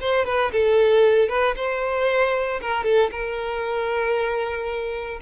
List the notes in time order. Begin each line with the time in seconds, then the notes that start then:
0.00 C5
0.25 B4
0.52 A4
1.29 B4
1.56 C5
2.61 A#4
2.84 A4
3.11 A#4